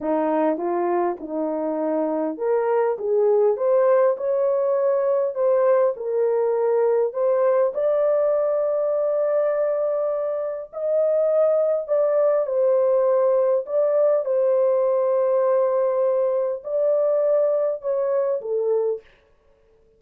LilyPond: \new Staff \with { instrumentName = "horn" } { \time 4/4 \tempo 4 = 101 dis'4 f'4 dis'2 | ais'4 gis'4 c''4 cis''4~ | cis''4 c''4 ais'2 | c''4 d''2.~ |
d''2 dis''2 | d''4 c''2 d''4 | c''1 | d''2 cis''4 a'4 | }